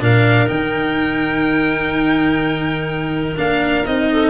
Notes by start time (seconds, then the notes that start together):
0.00 A#2 D4 A#4 F5
0.47 D#3 D#4 G5
3.36 A#3 D4 F5
3.86 C4 D#4 D#5
4.12 A4